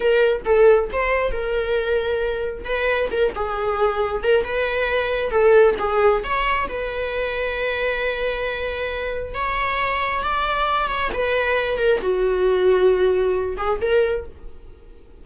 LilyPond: \new Staff \with { instrumentName = "viola" } { \time 4/4 \tempo 4 = 135 ais'4 a'4 c''4 ais'4~ | ais'2 b'4 ais'8 gis'8~ | gis'4. ais'8 b'2 | a'4 gis'4 cis''4 b'4~ |
b'1~ | b'4 cis''2 d''4~ | d''8 cis''8 b'4. ais'8 fis'4~ | fis'2~ fis'8 gis'8 ais'4 | }